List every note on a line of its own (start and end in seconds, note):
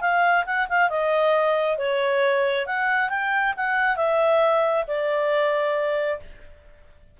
0.00 0.44 F5
0.45 0.67 F#5
0.69 0.89 F5
0.89 1.77 D#5
1.77 2.66 C#5
2.66 3.09 F#5
3.09 3.53 G5
3.56 3.96 F#5
3.96 4.84 E5
4.87 6.19 D5